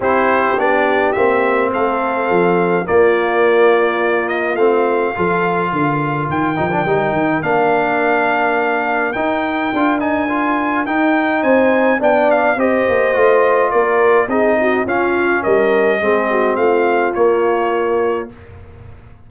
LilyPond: <<
  \new Staff \with { instrumentName = "trumpet" } { \time 4/4 \tempo 4 = 105 c''4 d''4 e''4 f''4~ | f''4 d''2~ d''8 dis''8 | f''2. g''4~ | g''4 f''2. |
g''4. gis''4. g''4 | gis''4 g''8 f''8 dis''2 | d''4 dis''4 f''4 dis''4~ | dis''4 f''4 cis''2 | }
  \new Staff \with { instrumentName = "horn" } { \time 4/4 g'2. a'4~ | a'4 f'2.~ | f'4 a'4 ais'2~ | ais'1~ |
ais'1 | c''4 d''4 c''2 | ais'4 gis'8 fis'8 f'4 ais'4 | gis'8 fis'8 f'2. | }
  \new Staff \with { instrumentName = "trombone" } { \time 4/4 e'4 d'4 c'2~ | c'4 ais2. | c'4 f'2~ f'8 dis'16 d'16 | dis'4 d'2. |
dis'4 f'8 dis'8 f'4 dis'4~ | dis'4 d'4 g'4 f'4~ | f'4 dis'4 cis'2 | c'2 ais2 | }
  \new Staff \with { instrumentName = "tuba" } { \time 4/4 c'4 b4 ais4 a4 | f4 ais2. | a4 f4 d4 dis8 f8 | g8 dis8 ais2. |
dis'4 d'2 dis'4 | c'4 b4 c'8 ais8 a4 | ais4 c'4 cis'4 g4 | gis4 a4 ais2 | }
>>